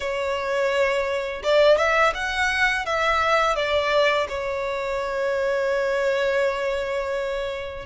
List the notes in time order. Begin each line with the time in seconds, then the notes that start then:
0.00 C#5
1.43 D5
1.77 E5
2.14 F#5
2.85 E5
3.55 D5
4.28 C#5